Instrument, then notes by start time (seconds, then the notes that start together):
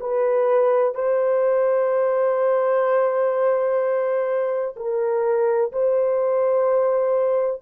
horn
0.00 B4
0.94 C5
4.76 A#4
5.72 C5